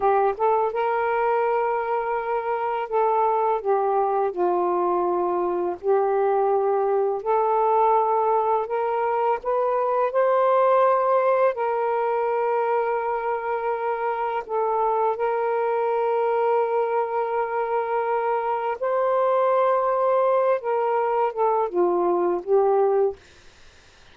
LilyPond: \new Staff \with { instrumentName = "saxophone" } { \time 4/4 \tempo 4 = 83 g'8 a'8 ais'2. | a'4 g'4 f'2 | g'2 a'2 | ais'4 b'4 c''2 |
ais'1 | a'4 ais'2.~ | ais'2 c''2~ | c''8 ais'4 a'8 f'4 g'4 | }